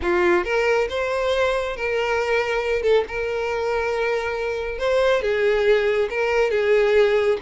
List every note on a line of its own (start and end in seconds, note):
0.02 0.44 F4
0.44 0.88 A#4
0.89 1.76 C5
1.76 2.82 A#4
2.82 3.04 A4
3.08 4.78 A#4
4.78 5.22 C5
5.22 6.08 G#4
6.10 6.51 A#4
6.51 7.38 G#4